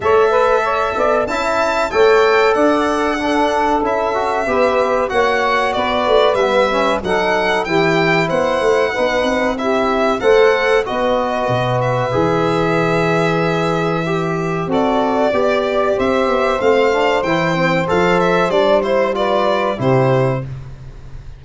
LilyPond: <<
  \new Staff \with { instrumentName = "violin" } { \time 4/4 \tempo 4 = 94 e''2 a''4 g''4 | fis''2 e''2 | fis''4 d''4 e''4 fis''4 | g''4 fis''2 e''4 |
fis''4 dis''4. e''4.~ | e''2. d''4~ | d''4 e''4 f''4 g''4 | f''8 e''8 d''8 c''8 d''4 c''4 | }
  \new Staff \with { instrumentName = "saxophone" } { \time 4/4 cis''8 b'8 cis''8 d''8 e''4 cis''4 | d''4 a'2 b'4 | cis''4 b'2 a'4 | g'4 c''4 b'4 g'4 |
c''4 b'2.~ | b'2. a'4 | d''4 c''2.~ | c''2 b'4 g'4 | }
  \new Staff \with { instrumentName = "trombone" } { \time 4/4 a'2 e'4 a'4~ | a'4 d'4 e'8 fis'8 g'4 | fis'2 b8 cis'8 dis'4 | e'2 dis'4 e'4 |
a'4 fis'2 gis'4~ | gis'2 g'4 fis'4 | g'2 c'8 d'8 e'8 c'8 | a'4 d'8 e'8 f'4 e'4 | }
  \new Staff \with { instrumentName = "tuba" } { \time 4/4 a4. b8 cis'4 a4 | d'2 cis'4 b4 | ais4 b8 a8 g4 fis4 | e4 b8 a8 b8 c'4. |
a4 b4 b,4 e4~ | e2. c'4 | b4 c'8 b8 a4 e4 | f4 g2 c4 | }
>>